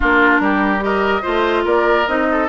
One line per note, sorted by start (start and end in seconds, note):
0.00 0.39 A#3
0.00 0.79 D4
0.00 0.41 F4
0.00 0.83 A#4
0.39 1.22 G3
0.39 0.84 G4
0.79 1.21 G4
0.79 1.22 A#4
0.79 1.66 D#5
1.22 1.65 A3
1.22 2.05 F4
1.22 1.63 C5
1.64 2.06 A#3
1.64 2.26 A#4
1.64 2.07 D5
2.07 2.48 C4
2.07 2.48 D#4
2.07 2.48 D#5
2.31 2.48 A4